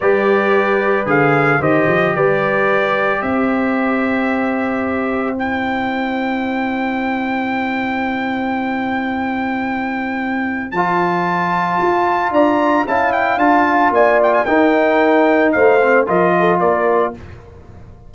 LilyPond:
<<
  \new Staff \with { instrumentName = "trumpet" } { \time 4/4 \tempo 4 = 112 d''2 f''4 dis''4 | d''2 e''2~ | e''2 g''2~ | g''1~ |
g''1 | a''2. ais''4 | a''8 g''8 a''4 gis''8 g''16 gis''16 g''4~ | g''4 f''4 dis''4 d''4 | }
  \new Staff \with { instrumentName = "horn" } { \time 4/4 b'2. c''4 | b'2 c''2~ | c''1~ | c''1~ |
c''1~ | c''2. d''4 | f''2 d''4 ais'4~ | ais'4 c''4 ais'8 a'8 ais'4 | }
  \new Staff \with { instrumentName = "trombone" } { \time 4/4 g'2 gis'4 g'4~ | g'1~ | g'2 e'2~ | e'1~ |
e'1 | f'1 | e'4 f'2 dis'4~ | dis'4. c'8 f'2 | }
  \new Staff \with { instrumentName = "tuba" } { \time 4/4 g2 d4 dis8 f8 | g2 c'2~ | c'1~ | c'1~ |
c'1 | f2 f'4 d'4 | cis'4 d'4 ais4 dis'4~ | dis'4 a4 f4 ais4 | }
>>